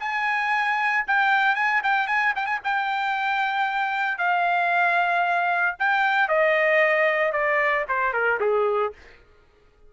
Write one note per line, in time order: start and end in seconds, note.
0.00 1.05 G#5
1.07 1.56 G5
1.56 1.82 G#5
1.84 2.08 G5
2.08 2.34 G#5
2.36 2.47 G5
2.47 2.60 G#5
2.64 4.18 G5
4.18 5.76 F5
5.80 6.29 G5
6.29 7.33 D#5
7.33 7.86 D5
7.89 8.13 C5
8.13 8.40 A#4
8.41 8.93 G#4